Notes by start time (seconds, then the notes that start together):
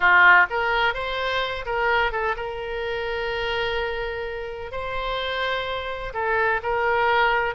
0.00 F4
0.50 A#4
0.94 C5
1.65 A#4
2.12 A4
2.36 A#4
4.71 C5
6.13 A4
6.62 A#4